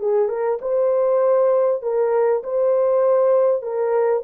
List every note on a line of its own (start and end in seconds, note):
0.00 0.28 G#4
0.28 0.59 A#4
0.61 1.82 C5
1.82 2.43 A#4
2.43 3.62 C5
3.62 4.23 A#4